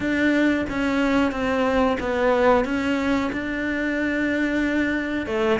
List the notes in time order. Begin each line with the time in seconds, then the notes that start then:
0.00 D4
0.69 C#4
1.31 C4
2.00 B3
2.64 C#4
3.32 D4
5.26 A3